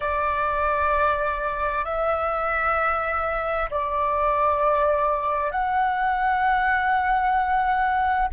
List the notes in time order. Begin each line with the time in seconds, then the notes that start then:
0.00 D5
1.84 E5
3.70 D5
5.51 F#5